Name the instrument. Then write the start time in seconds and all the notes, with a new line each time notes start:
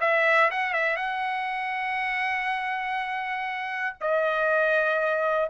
trumpet
0.00 E5
0.50 F#5
0.73 E5
0.96 F#5
4.00 D#5